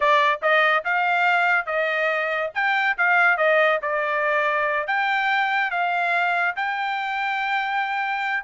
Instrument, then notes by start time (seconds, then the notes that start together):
trumpet
0.00 D5
0.41 D#5
0.84 F5
1.66 D#5
2.54 G5
2.97 F5
3.37 D#5
3.82 D5
4.87 G5
5.70 F5
6.56 G5